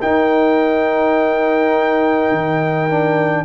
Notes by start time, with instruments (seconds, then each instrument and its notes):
0.00 tuba D#4, trombone D#4, horn A#4, trumpet G5
2.32 tuba D#3
2.89 trombone D4